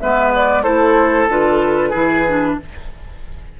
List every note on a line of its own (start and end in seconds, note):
0.00 0.65 G#3
0.00 0.64 B3
0.00 0.63 B4
0.00 0.32 E5
0.35 0.63 D5
0.63 1.28 A3
0.63 1.28 E4
0.63 1.89 A4
0.63 1.28 C5
1.28 1.93 D3
1.28 1.92 F4
1.28 2.59 B4
1.89 2.58 E3
1.89 2.25 E4
1.89 2.54 G#4
2.28 2.60 D4